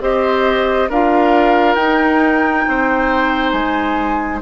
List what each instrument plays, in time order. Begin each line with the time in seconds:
0.00 bassoon C4, clarinet G4, oboe C5, flute D#5
0.89 bassoon D4, clarinet F4, oboe A#4, flute F5
1.74 bassoon D#4, clarinet D#4, flute G5
2.67 bassoon C4, oboe C5
3.51 bassoon G#3, flute G#5